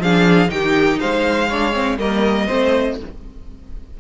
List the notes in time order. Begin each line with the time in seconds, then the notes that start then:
0.00 F3 D4 G#4 F5
0.49 D#3 D#4 G4 G5
1.00 G#3 C5 F5
1.49 D4 C#5
1.73 C4
1.99 G3 A#3 A#4 D#5
2.47 A3 C4 C5